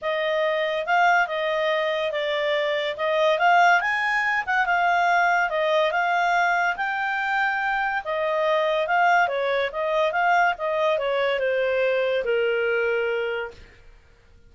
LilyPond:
\new Staff \with { instrumentName = "clarinet" } { \time 4/4 \tempo 4 = 142 dis''2 f''4 dis''4~ | dis''4 d''2 dis''4 | f''4 gis''4. fis''8 f''4~ | f''4 dis''4 f''2 |
g''2. dis''4~ | dis''4 f''4 cis''4 dis''4 | f''4 dis''4 cis''4 c''4~ | c''4 ais'2. | }